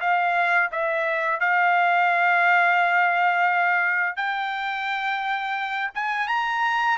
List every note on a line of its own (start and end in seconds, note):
0.00 0.70 F5
0.71 1.40 E5
1.40 4.16 F5
4.16 5.90 G5
5.94 6.28 G#5
6.28 6.97 A#5